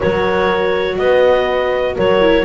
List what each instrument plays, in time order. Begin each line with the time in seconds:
0.00 double bass F#3, viola F#4, horn A#4, clarinet C#5
0.97 double bass B3, horn B4, clarinet D#5
1.95 double bass F#3, horn A#4, clarinet C#5
2.20 viola E4